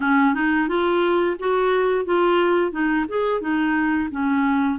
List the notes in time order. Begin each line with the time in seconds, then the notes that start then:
0.00 C#4
0.34 D#4
0.68 F4
1.39 F#4
2.05 F4
2.71 D#4
3.08 G#4
3.41 D#4
4.11 C#4